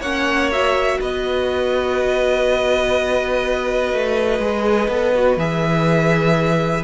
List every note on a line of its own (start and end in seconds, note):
0.00 0.98 A#3
0.00 0.52 C#4
0.00 0.98 C#5
0.00 0.50 F#5
0.52 4.41 F#4
0.52 1.00 E5
1.00 3.92 B3
1.00 6.84 B4
1.00 5.38 D#5
3.92 4.39 A3
4.39 4.87 G#3
4.39 4.90 G#4
4.87 5.36 B3
4.87 5.14 A4
5.14 5.38 F#4
5.36 6.83 E3
5.36 6.84 G#4
5.36 6.84 E5